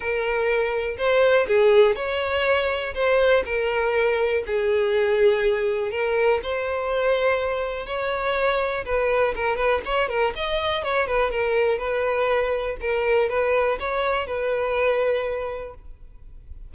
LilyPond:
\new Staff \with { instrumentName = "violin" } { \time 4/4 \tempo 4 = 122 ais'2 c''4 gis'4 | cis''2 c''4 ais'4~ | ais'4 gis'2. | ais'4 c''2. |
cis''2 b'4 ais'8 b'8 | cis''8 ais'8 dis''4 cis''8 b'8 ais'4 | b'2 ais'4 b'4 | cis''4 b'2. | }